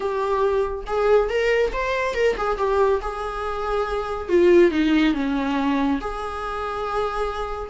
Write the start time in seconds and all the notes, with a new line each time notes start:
0.00 G4
0.86 G#4
1.29 A#4
1.72 C5
2.14 A#4
2.37 G#4
2.57 G4
3.01 G#4
4.28 F4
4.71 D#4
5.14 C#4
6.00 G#4